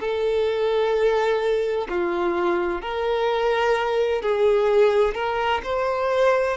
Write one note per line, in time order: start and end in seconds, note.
0.00 1.87 A4
1.89 2.82 F4
2.82 4.22 A#4
4.22 5.14 G#4
5.14 5.61 A#4
5.64 6.57 C5